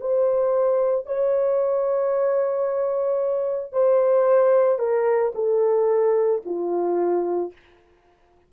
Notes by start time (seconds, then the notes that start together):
0.00 C5
1.06 C#5
3.72 C5
4.78 A#4
5.34 A4
6.45 F4